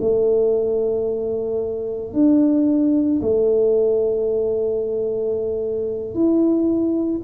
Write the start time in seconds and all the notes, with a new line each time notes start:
0.00 A3
2.13 D4
3.21 A3
6.14 E4